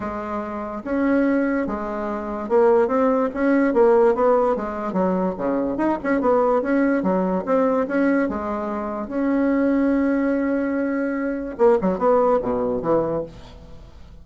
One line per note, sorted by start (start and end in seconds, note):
0.00 0.82 G#3
0.84 1.66 C#4
1.66 2.48 G#3
2.48 2.87 A#3
2.87 3.29 C4
3.33 3.73 C#4
3.73 4.14 A#3
4.14 4.56 B3
4.56 4.93 G#3
4.93 5.34 F#3
5.37 5.77 C#3
5.77 5.97 D#4
6.03 6.21 C#4
6.21 6.62 B3
6.62 7.02 C#4
7.02 7.44 F#3
7.45 7.86 C4
7.87 8.28 C#4
8.28 9.08 G#3
9.08 11.56 C#4
11.57 11.78 A#3
11.81 11.98 F#3
11.98 12.39 B3
12.41 12.82 B2
12.82 13.23 E3